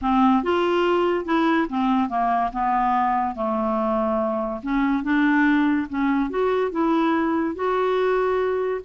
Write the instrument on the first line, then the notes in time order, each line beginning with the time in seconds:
clarinet
0.01 C4
0.43 F4
1.25 E4
1.69 C4
2.09 A#3
2.52 B3
3.35 A3
4.62 C#4
5.03 D4
5.89 C#4
6.29 F#4
6.71 E4
7.55 F#4